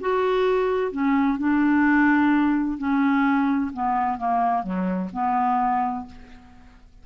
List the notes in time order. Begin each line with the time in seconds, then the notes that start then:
0.00 F#4
0.92 C#4
1.38 D4
2.78 C#4
3.73 B3
4.18 A#3
4.63 F#3
5.13 B3